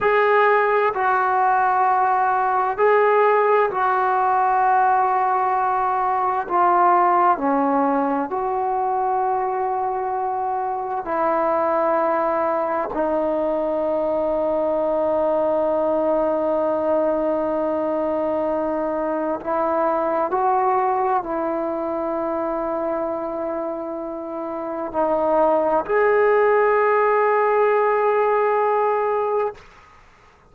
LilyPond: \new Staff \with { instrumentName = "trombone" } { \time 4/4 \tempo 4 = 65 gis'4 fis'2 gis'4 | fis'2. f'4 | cis'4 fis'2. | e'2 dis'2~ |
dis'1~ | dis'4 e'4 fis'4 e'4~ | e'2. dis'4 | gis'1 | }